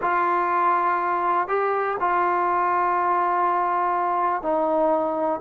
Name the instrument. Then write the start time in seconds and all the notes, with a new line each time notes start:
trombone
0.01 F4
1.48 G4
2.00 F4
4.42 D#4